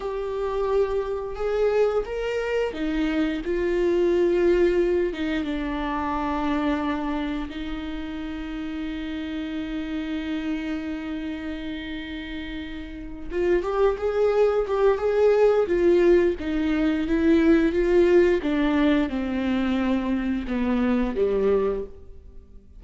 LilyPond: \new Staff \with { instrumentName = "viola" } { \time 4/4 \tempo 4 = 88 g'2 gis'4 ais'4 | dis'4 f'2~ f'8 dis'8 | d'2. dis'4~ | dis'1~ |
dis'2.~ dis'8 f'8 | g'8 gis'4 g'8 gis'4 f'4 | dis'4 e'4 f'4 d'4 | c'2 b4 g4 | }